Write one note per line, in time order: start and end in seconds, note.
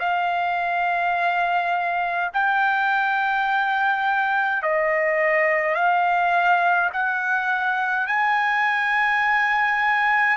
0.00 2.31 F5
2.34 4.63 G5
4.63 5.75 D#5
5.75 6.90 F5
6.93 8.07 F#5
8.07 10.37 G#5